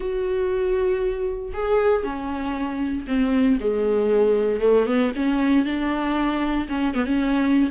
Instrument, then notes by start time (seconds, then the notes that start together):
viola
0.00 F#4
1.53 G#4
2.03 C#4
3.07 C4
3.60 G#3
4.60 A3
4.86 B3
5.15 C#4
5.65 D4
6.69 C#4
6.94 B3
7.05 C#4